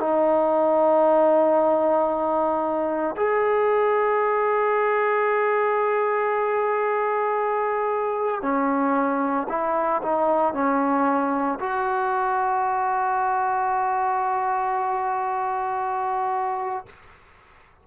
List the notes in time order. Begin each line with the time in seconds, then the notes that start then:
0.00 D#4
3.17 G#4
8.43 C#4
9.49 E4
10.03 D#4
10.54 C#4
11.60 F#4